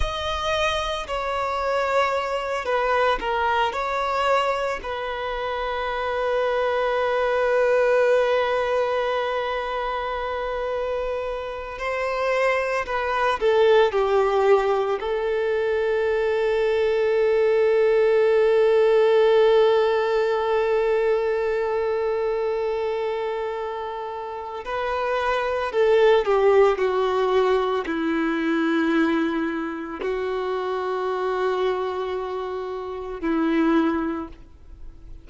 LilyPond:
\new Staff \with { instrumentName = "violin" } { \time 4/4 \tempo 4 = 56 dis''4 cis''4. b'8 ais'8 cis''8~ | cis''8 b'2.~ b'8~ | b'2. c''4 | b'8 a'8 g'4 a'2~ |
a'1~ | a'2. b'4 | a'8 g'8 fis'4 e'2 | fis'2. e'4 | }